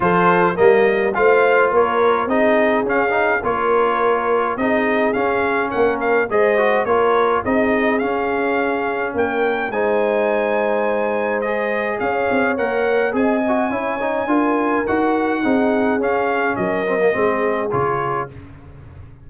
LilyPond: <<
  \new Staff \with { instrumentName = "trumpet" } { \time 4/4 \tempo 4 = 105 c''4 dis''4 f''4 cis''4 | dis''4 f''4 cis''2 | dis''4 f''4 fis''8 f''8 dis''4 | cis''4 dis''4 f''2 |
g''4 gis''2. | dis''4 f''4 fis''4 gis''4~ | gis''2 fis''2 | f''4 dis''2 cis''4 | }
  \new Staff \with { instrumentName = "horn" } { \time 4/4 a'4 ais'4 c''4 ais'4 | gis'2 ais'2 | gis'2 ais'4 c''4 | ais'4 gis'2. |
ais'4 c''2.~ | c''4 cis''2 dis''4 | cis''4 ais'2 gis'4~ | gis'4 ais'4 gis'2 | }
  \new Staff \with { instrumentName = "trombone" } { \time 4/4 f'4 ais4 f'2 | dis'4 cis'8 dis'8 f'2 | dis'4 cis'2 gis'8 fis'8 | f'4 dis'4 cis'2~ |
cis'4 dis'2. | gis'2 ais'4 gis'8 fis'8 | e'8 dis'8 f'4 fis'4 dis'4 | cis'4. c'16 ais16 c'4 f'4 | }
  \new Staff \with { instrumentName = "tuba" } { \time 4/4 f4 g4 a4 ais4 | c'4 cis'4 ais2 | c'4 cis'4 ais4 gis4 | ais4 c'4 cis'2 |
ais4 gis2.~ | gis4 cis'8 c'8 ais4 c'4 | cis'4 d'4 dis'4 c'4 | cis'4 fis4 gis4 cis4 | }
>>